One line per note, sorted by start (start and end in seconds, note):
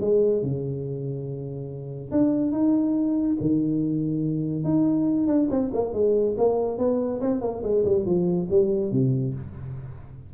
0.00 0.42 G#3
0.42 2.11 C#3
2.11 2.51 D4
2.51 3.37 D#4
3.40 4.63 D#3
4.63 5.27 D#4
5.27 5.48 D4
5.50 5.71 C4
5.73 5.93 A#3
5.93 6.35 G#3
6.37 6.77 A#3
6.77 7.20 B3
7.21 7.41 C4
7.41 7.62 A#3
7.63 7.84 G#3
7.85 8.05 G3
8.05 8.48 F3
8.50 8.91 G3
8.91 9.34 C3